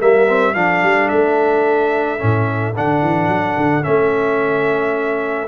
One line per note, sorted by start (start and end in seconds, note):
0.00 0.55 G3
0.00 0.27 A#3
0.00 0.55 A#4
0.00 0.55 E5
0.27 0.54 C4
0.55 0.83 F3
0.55 2.19 D4
0.55 5.48 A4
0.55 1.09 F5
0.83 1.11 G3
1.09 2.22 A3
1.09 2.74 E5
2.19 2.77 A2
2.19 2.74 C#4
2.76 3.02 D3
2.76 3.82 D4
2.76 3.84 F#5
3.02 3.28 E3
3.28 3.56 F#3
3.57 3.84 D3
3.82 5.48 A3
3.82 5.48 C#4
3.82 5.48 E5